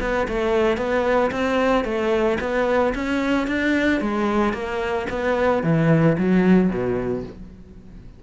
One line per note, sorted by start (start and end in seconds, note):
0.00 0.27 B3
0.27 0.77 A3
0.77 1.30 B3
1.31 1.84 C4
1.84 2.38 A3
2.40 2.93 B3
2.94 3.47 C#4
3.47 4.00 D4
4.00 4.53 G#3
4.53 5.06 A#3
5.09 5.63 B3
5.63 6.16 E3
6.18 6.69 F#3
6.69 7.22 B2